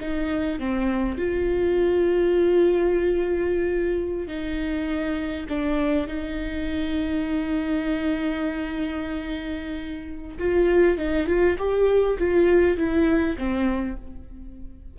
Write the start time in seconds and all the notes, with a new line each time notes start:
0.00 D#4
0.59 C4
1.18 F4
4.27 D#4
5.49 D4
6.07 D#4
10.39 F4
10.98 D#4
11.27 F4
11.58 G4
12.19 F4
12.77 E4
13.37 C4